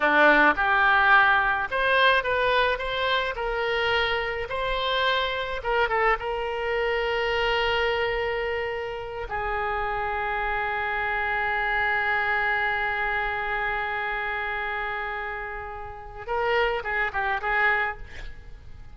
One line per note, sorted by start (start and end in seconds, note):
0.00 0.54 D4
0.56 1.68 G4
1.71 2.23 C5
2.23 2.78 B4
2.78 3.34 C5
3.35 4.47 A#4
4.49 5.61 C5
5.63 5.89 A#4
5.89 6.17 A4
6.19 9.27 A#4
9.28 16.26 G#4
16.26 16.82 A#4
16.83 17.11 G#4
17.12 17.40 G4
17.41 17.97 G#4